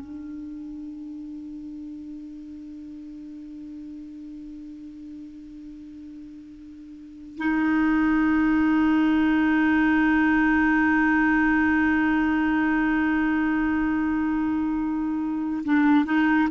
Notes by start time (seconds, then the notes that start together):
0.00 D4
7.38 D#4
15.64 D4
16.05 D#4